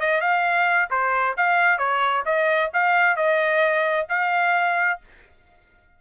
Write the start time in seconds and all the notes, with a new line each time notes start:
0.00 D#5
0.21 F5
0.90 C5
1.37 F5
1.78 C#5
2.25 D#5
2.73 F5
3.16 D#5
4.09 F5